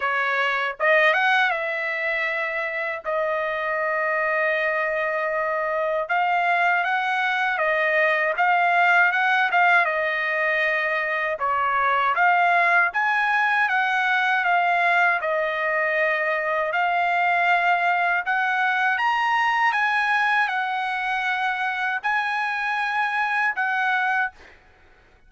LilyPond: \new Staff \with { instrumentName = "trumpet" } { \time 4/4 \tempo 4 = 79 cis''4 dis''8 fis''8 e''2 | dis''1 | f''4 fis''4 dis''4 f''4 | fis''8 f''8 dis''2 cis''4 |
f''4 gis''4 fis''4 f''4 | dis''2 f''2 | fis''4 ais''4 gis''4 fis''4~ | fis''4 gis''2 fis''4 | }